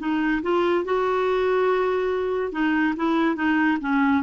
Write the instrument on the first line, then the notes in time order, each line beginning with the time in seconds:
clarinet
0.00 D#4
0.43 F4
0.85 F#4
2.52 D#4
2.97 E4
3.36 D#4
3.81 C#4